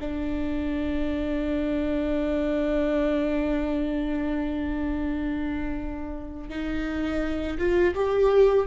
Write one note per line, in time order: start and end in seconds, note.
0.00 6.49 D4
6.49 7.58 D#4
7.58 7.94 F4
7.95 8.67 G4